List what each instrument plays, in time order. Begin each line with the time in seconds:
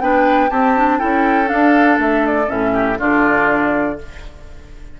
0.00 bassoon B3, clarinet D4, oboe B4, flute G5
0.50 bassoon C4, clarinet C4, oboe G4, flute A5
0.76 clarinet D4
0.98 bassoon C#4, clarinet E4, oboe A4, flute G5
1.45 clarinet D4, bassoon D4, flute F5
1.97 bassoon A3, flute E5
2.25 flute D5
2.46 bassoon A2, clarinet C#4, flute E5
2.73 oboe G4
2.99 bassoon D3, clarinet D4, oboe F4, flute D5